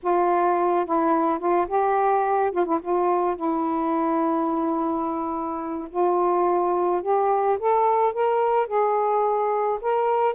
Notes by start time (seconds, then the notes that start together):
0.02 F4
0.85 E4
1.39 F4
1.67 G4
2.51 F4
2.65 E4
2.81 F4
3.36 E4
5.90 F4
7.02 G4
7.59 A4
8.13 A#4
8.67 G#4
9.81 A#4